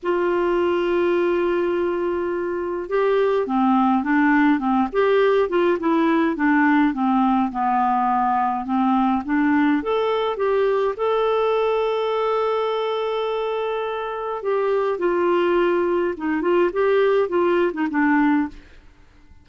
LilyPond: \new Staff \with { instrumentName = "clarinet" } { \time 4/4 \tempo 4 = 104 f'1~ | f'4 g'4 c'4 d'4 | c'8 g'4 f'8 e'4 d'4 | c'4 b2 c'4 |
d'4 a'4 g'4 a'4~ | a'1~ | a'4 g'4 f'2 | dis'8 f'8 g'4 f'8. dis'16 d'4 | }